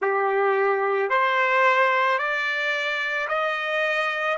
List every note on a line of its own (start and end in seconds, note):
0.01 1.09 G4
1.09 2.18 C5
2.18 3.27 D5
3.28 4.37 D#5